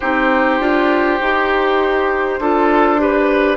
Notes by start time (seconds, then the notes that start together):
0.00 C4 D#4 G4 C5
0.59 D4 F4
1.20 D#4 G4
2.39 D4 F4 A4
2.98 G4 B4